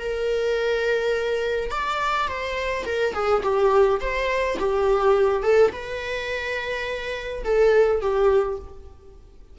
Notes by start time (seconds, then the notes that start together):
0.00 A#4
1.71 D5
2.28 C5
2.86 A#4
3.14 G#4
3.43 G4
4.01 C5
4.59 G4
5.43 A4
5.72 B4
7.44 A4
8.02 G4